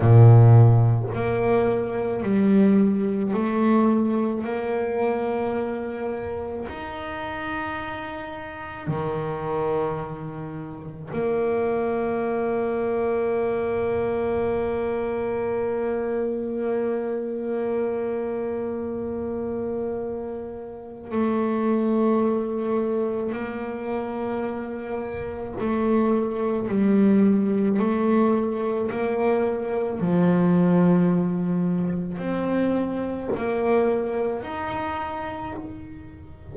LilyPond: \new Staff \with { instrumentName = "double bass" } { \time 4/4 \tempo 4 = 54 ais,4 ais4 g4 a4 | ais2 dis'2 | dis2 ais2~ | ais1~ |
ais2. a4~ | a4 ais2 a4 | g4 a4 ais4 f4~ | f4 c'4 ais4 dis'4 | }